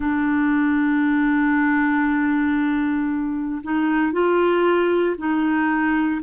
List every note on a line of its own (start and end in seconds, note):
0.00 3.62 D4
3.63 4.12 D#4
4.12 5.15 F4
5.17 6.21 D#4